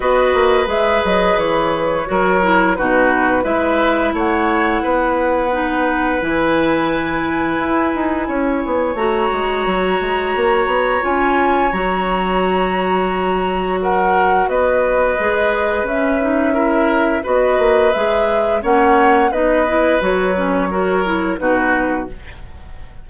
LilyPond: <<
  \new Staff \with { instrumentName = "flute" } { \time 4/4 \tempo 4 = 87 dis''4 e''8 dis''8 cis''2 | b'4 e''4 fis''2~ | fis''4 gis''2.~ | gis''4 ais''2. |
gis''4 ais''2. | fis''4 dis''2 e''4~ | e''4 dis''4 e''4 fis''4 | dis''4 cis''2 b'4 | }
  \new Staff \with { instrumentName = "oboe" } { \time 4/4 b'2. ais'4 | fis'4 b'4 cis''4 b'4~ | b'1 | cis''1~ |
cis''1 | ais'4 b'2. | ais'4 b'2 cis''4 | b'2 ais'4 fis'4 | }
  \new Staff \with { instrumentName = "clarinet" } { \time 4/4 fis'4 gis'2 fis'8 e'8 | dis'4 e'2. | dis'4 e'2.~ | e'4 fis'2. |
f'4 fis'2.~ | fis'2 gis'4 cis'8 dis'8 | e'4 fis'4 gis'4 cis'4 | dis'8 e'8 fis'8 cis'8 fis'8 e'8 dis'4 | }
  \new Staff \with { instrumentName = "bassoon" } { \time 4/4 b8 ais8 gis8 fis8 e4 fis4 | b,4 gis4 a4 b4~ | b4 e2 e'8 dis'8 | cis'8 b8 a8 gis8 fis8 gis8 ais8 b8 |
cis'4 fis2.~ | fis4 b4 gis4 cis'4~ | cis'4 b8 ais8 gis4 ais4 | b4 fis2 b,4 | }
>>